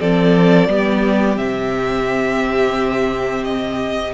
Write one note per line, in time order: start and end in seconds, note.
0.00 0.68 F3
0.00 0.68 C4
0.00 0.69 A4
0.00 1.38 D5
0.68 1.37 G3
0.68 1.37 B3
0.68 4.14 G4
1.37 4.13 C3
1.37 4.13 C4
1.37 3.45 E5
3.45 4.14 D#5